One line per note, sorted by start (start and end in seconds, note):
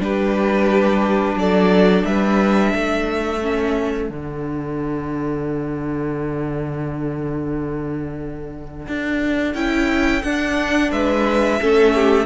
0.00 1.35 G3
0.00 3.41 D4
0.00 1.39 G4
0.00 1.38 B4
1.35 2.03 F#3
1.35 2.07 A4
1.35 2.05 D5
2.05 2.74 G3
2.05 2.73 B4
2.05 4.10 E5
2.73 4.10 A3
2.73 10.92 A4
3.42 4.09 C#4
4.09 8.87 D3
4.09 9.55 D4
4.09 9.55 F#5
8.88 9.54 D4
9.54 10.23 C#4
9.54 10.23 E4
9.54 10.23 G5
10.23 10.92 D4
10.23 11.61 D4
10.23 10.91 F#5
10.92 11.60 G#3
10.92 11.61 B4
10.92 12.26 E5
11.61 12.26 A3
11.61 12.26 C#4
11.61 11.95 A4
11.95 12.26 G4